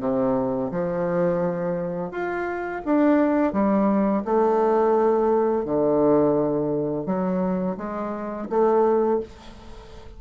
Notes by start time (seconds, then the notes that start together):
0.00 C3
0.71 F3
2.11 F4
2.85 D4
3.53 G3
4.25 A3
5.65 D3
7.06 F#3
7.77 G#3
8.50 A3